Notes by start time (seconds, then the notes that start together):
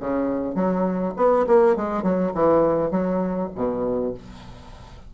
0.00 C#3
0.55 F#3
1.17 B3
1.47 A#3
1.76 G#3
2.03 F#3
2.34 E3
2.91 F#3
3.55 B2